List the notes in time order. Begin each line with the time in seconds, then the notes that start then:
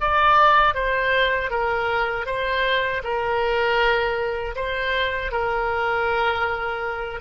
0.00 D5
0.74 C5
1.50 A#4
2.26 C5
3.03 A#4
4.55 C5
5.31 A#4